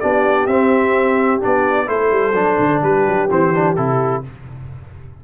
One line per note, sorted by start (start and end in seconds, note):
0.00 0.47 B3
0.00 0.49 D4
0.00 1.88 G4
0.00 0.47 D5
0.47 1.41 C4
0.47 1.41 E5
1.41 1.88 B3
1.41 1.87 D4
1.41 1.89 D5
1.87 2.12 A3
1.87 2.33 E4
1.87 2.83 A4
1.87 2.83 C5
2.12 2.34 G3
2.34 2.57 F#3
2.34 3.29 D4
2.60 2.83 D3
2.83 3.06 G3
2.83 4.24 G4
2.83 3.30 B4
3.06 3.30 F#3
3.31 3.78 E3
3.31 3.54 C4
3.31 3.76 C5
3.55 3.77 D4
3.76 4.25 C3
3.76 4.24 E4
3.76 4.23 A4